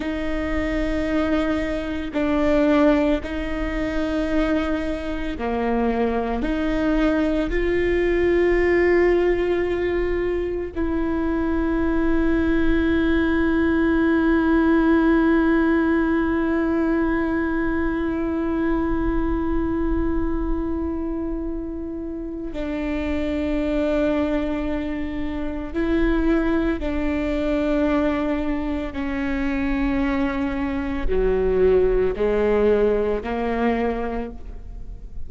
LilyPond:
\new Staff \with { instrumentName = "viola" } { \time 4/4 \tempo 4 = 56 dis'2 d'4 dis'4~ | dis'4 ais4 dis'4 f'4~ | f'2 e'2~ | e'1~ |
e'1~ | e'4 d'2. | e'4 d'2 cis'4~ | cis'4 fis4 gis4 ais4 | }